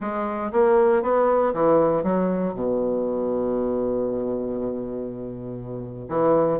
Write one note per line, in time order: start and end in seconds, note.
0.00 0.51 G#3
0.52 1.02 A#3
1.02 1.53 B3
1.53 2.03 E3
2.03 2.54 F#3
2.54 6.08 B2
6.08 6.59 E3